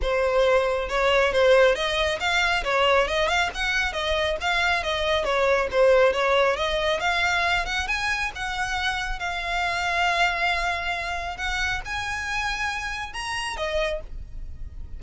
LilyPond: \new Staff \with { instrumentName = "violin" } { \time 4/4 \tempo 4 = 137 c''2 cis''4 c''4 | dis''4 f''4 cis''4 dis''8 f''8 | fis''4 dis''4 f''4 dis''4 | cis''4 c''4 cis''4 dis''4 |
f''4. fis''8 gis''4 fis''4~ | fis''4 f''2.~ | f''2 fis''4 gis''4~ | gis''2 ais''4 dis''4 | }